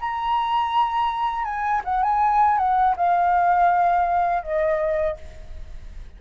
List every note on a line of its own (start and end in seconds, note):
0.00 1.44 A#5
1.44 1.81 G#5
1.85 2.03 F#5
2.03 2.58 G#5
2.58 2.95 F#5
2.96 4.43 F5
4.43 5.17 D#5